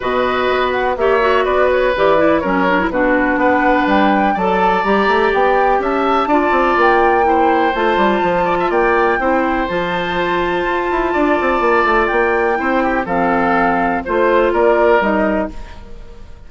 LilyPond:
<<
  \new Staff \with { instrumentName = "flute" } { \time 4/4 \tempo 4 = 124 dis''4. fis''8 e''4 d''8 cis''8 | d''4 cis''4 b'4 fis''4 | g''4 a''4 ais''4 g''4 | a''2 g''2 |
a''2 g''2 | a''1~ | a''4 g''2 f''4~ | f''4 c''4 d''4 dis''4 | }
  \new Staff \with { instrumentName = "oboe" } { \time 4/4 b'2 cis''4 b'4~ | b'4 ais'4 fis'4 b'4~ | b'4 d''2. | e''4 d''2 c''4~ |
c''4. d''16 e''16 d''4 c''4~ | c''2. d''4~ | d''2 c''8 g'8 a'4~ | a'4 c''4 ais'2 | }
  \new Staff \with { instrumentName = "clarinet" } { \time 4/4 fis'2 g'8 fis'4. | g'8 e'8 cis'8 d'16 e'16 d'2~ | d'4 a'4 g'2~ | g'4 f'2 e'4 |
f'2. e'4 | f'1~ | f'2 e'4 c'4~ | c'4 f'2 dis'4 | }
  \new Staff \with { instrumentName = "bassoon" } { \time 4/4 b,4 b4 ais4 b4 | e4 fis4 b,4 b4 | g4 fis4 g8 a8 b4 | cis'4 d'8 c'8 ais2 |
a8 g8 f4 ais4 c'4 | f2 f'8 e'8 d'8 c'8 | ais8 a8 ais4 c'4 f4~ | f4 a4 ais4 g4 | }
>>